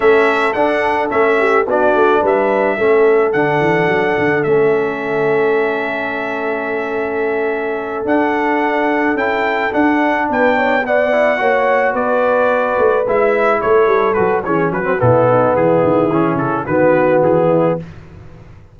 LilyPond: <<
  \new Staff \with { instrumentName = "trumpet" } { \time 4/4 \tempo 4 = 108 e''4 fis''4 e''4 d''4 | e''2 fis''2 | e''1~ | e''2~ e''8 fis''4.~ |
fis''8 g''4 fis''4 g''4 fis''8~ | fis''4. d''2 e''8~ | e''8 cis''4 b'8 cis''8 b'8 a'4 | gis'4. a'8 b'4 gis'4 | }
  \new Staff \with { instrumentName = "horn" } { \time 4/4 a'2~ a'8 g'8 fis'4 | b'4 a'2.~ | a'1~ | a'1~ |
a'2~ a'8 b'8 cis''8 d''8~ | d''8 cis''4 b'2~ b'8~ | b'8 a'4. gis'8 fis'8 e'8 dis'8 | e'2 fis'4. e'8 | }
  \new Staff \with { instrumentName = "trombone" } { \time 4/4 cis'4 d'4 cis'4 d'4~ | d'4 cis'4 d'2 | cis'1~ | cis'2~ cis'8 d'4.~ |
d'8 e'4 d'2 b8 | e'8 fis'2. e'8~ | e'4. fis'8 cis'8. c'16 b4~ | b4 cis'4 b2 | }
  \new Staff \with { instrumentName = "tuba" } { \time 4/4 a4 d'4 a4 b8 a8 | g4 a4 d8 e8 fis8 d8 | a1~ | a2~ a8 d'4.~ |
d'8 cis'4 d'4 b4.~ | b8 ais4 b4. a8 gis8~ | gis8 a8 g8 fis8 e8 fis8 b,4 | e8 dis8 e8 cis8 dis4 e4 | }
>>